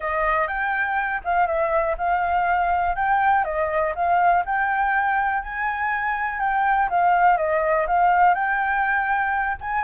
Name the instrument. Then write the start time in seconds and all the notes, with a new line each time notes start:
flute
0.00 D#5
0.47 G5
1.24 F5
1.46 E5
1.97 F5
2.95 G5
3.44 D#5
3.95 F5
4.45 G5
5.42 G#5
6.39 G5
6.89 F5
7.37 D#5
7.87 F5
8.34 G5
9.60 G#5